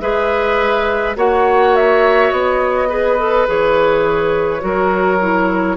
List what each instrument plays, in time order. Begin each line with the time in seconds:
0.00 bassoon G#3, clarinet G#4, oboe B4, flute E5
1.16 bassoon A#3, clarinet F#4, oboe C#5, flute F#5
1.75 flute E5
2.31 bassoon B3, flute D#5
2.88 clarinet G#4, oboe B4
3.18 clarinet A4
3.47 bassoon E3, clarinet G#4, flute C#5
4.60 bassoon F#3, clarinet F#4, oboe A#4
5.21 clarinet E4